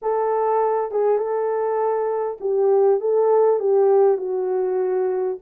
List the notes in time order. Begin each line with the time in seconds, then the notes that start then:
0.02 A4
0.91 G#4
1.18 A4
2.40 G4
3.00 A4
3.59 G4
4.17 F#4